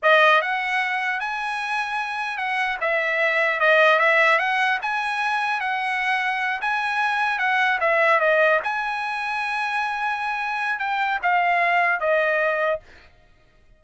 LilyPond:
\new Staff \with { instrumentName = "trumpet" } { \time 4/4 \tempo 4 = 150 dis''4 fis''2 gis''4~ | gis''2 fis''4 e''4~ | e''4 dis''4 e''4 fis''4 | gis''2 fis''2~ |
fis''8 gis''2 fis''4 e''8~ | e''8 dis''4 gis''2~ gis''8~ | gis''2. g''4 | f''2 dis''2 | }